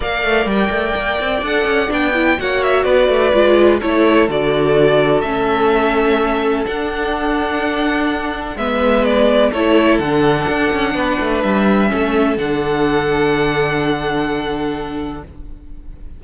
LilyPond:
<<
  \new Staff \with { instrumentName = "violin" } { \time 4/4 \tempo 4 = 126 f''4 g''2 fis''4 | g''4 fis''8 e''8 d''2 | cis''4 d''2 e''4~ | e''2 fis''2~ |
fis''2 e''4 d''4 | cis''4 fis''2. | e''2 fis''2~ | fis''1 | }
  \new Staff \with { instrumentName = "violin" } { \time 4/4 d''1~ | d''4 cis''4 b'2 | a'1~ | a'1~ |
a'2 b'2 | a'2. b'4~ | b'4 a'2.~ | a'1 | }
  \new Staff \with { instrumentName = "viola" } { \time 4/4 ais'2. a'4 | d'8 e'8 fis'2 f'4 | e'4 fis'2 cis'4~ | cis'2 d'2~ |
d'2 b2 | e'4 d'2.~ | d'4 cis'4 d'2~ | d'1 | }
  \new Staff \with { instrumentName = "cello" } { \time 4/4 ais8 a8 g8 a8 ais8 c'8 d'8 cis'8 | b4 ais4 b8 a8 gis4 | a4 d2 a4~ | a2 d'2~ |
d'2 gis2 | a4 d4 d'8 cis'8 b8 a8 | g4 a4 d2~ | d1 | }
>>